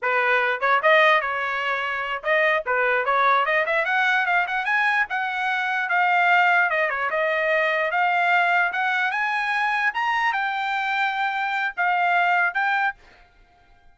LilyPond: \new Staff \with { instrumentName = "trumpet" } { \time 4/4 \tempo 4 = 148 b'4. cis''8 dis''4 cis''4~ | cis''4. dis''4 b'4 cis''8~ | cis''8 dis''8 e''8 fis''4 f''8 fis''8 gis''8~ | gis''8 fis''2 f''4.~ |
f''8 dis''8 cis''8 dis''2 f''8~ | f''4. fis''4 gis''4.~ | gis''8 ais''4 g''2~ g''8~ | g''4 f''2 g''4 | }